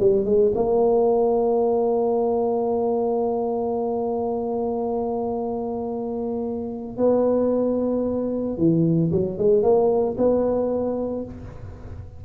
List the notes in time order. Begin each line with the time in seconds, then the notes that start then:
0.00 G3
0.25 G#3
0.55 A#3
6.97 B3
8.57 E3
9.11 F#3
9.38 G#3
9.63 A#3
10.17 B3